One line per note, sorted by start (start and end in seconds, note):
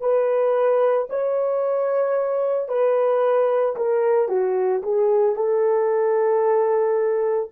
0.00 1.07 B4
1.09 2.68 C#5
2.68 3.75 B4
3.75 4.28 A#4
4.28 4.82 F#4
4.82 5.35 G#4
5.35 7.50 A4